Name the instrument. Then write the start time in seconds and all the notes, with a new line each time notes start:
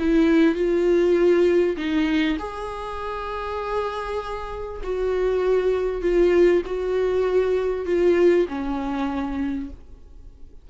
viola
0.00 E4
0.56 F4
1.77 D#4
2.39 G#4
4.84 F#4
6.02 F4
6.66 F#4
7.86 F4
8.49 C#4